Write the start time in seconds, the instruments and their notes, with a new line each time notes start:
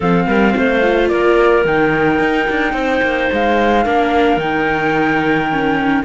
0.00 cello F3, viola C4, clarinet A4, flute F5
0.26 cello G3, clarinet A#4
0.56 cello A3, clarinet C5
0.81 viola F4
1.08 cello A#3, clarinet A#4, flute D5
1.64 cello D#3, viola D#4, flute G5
2.19 cello D#4
2.50 cello D4
2.72 cello C4, clarinet C5
3.02 cello A#3
3.32 cello G#3, flute F5
3.84 cello A#3, viola D4, clarinet A#4
4.37 cello D#3, viola D#4, flute G5
5.52 viola C#4